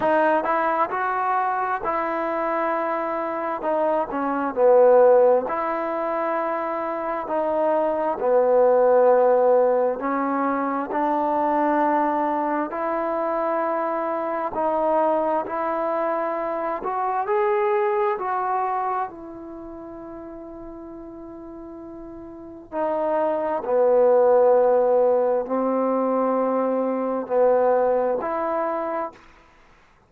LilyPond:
\new Staff \with { instrumentName = "trombone" } { \time 4/4 \tempo 4 = 66 dis'8 e'8 fis'4 e'2 | dis'8 cis'8 b4 e'2 | dis'4 b2 cis'4 | d'2 e'2 |
dis'4 e'4. fis'8 gis'4 | fis'4 e'2.~ | e'4 dis'4 b2 | c'2 b4 e'4 | }